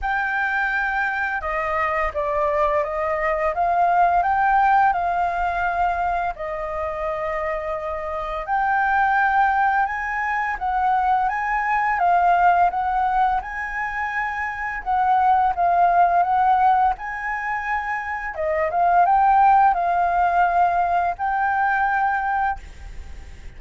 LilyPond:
\new Staff \with { instrumentName = "flute" } { \time 4/4 \tempo 4 = 85 g''2 dis''4 d''4 | dis''4 f''4 g''4 f''4~ | f''4 dis''2. | g''2 gis''4 fis''4 |
gis''4 f''4 fis''4 gis''4~ | gis''4 fis''4 f''4 fis''4 | gis''2 dis''8 f''8 g''4 | f''2 g''2 | }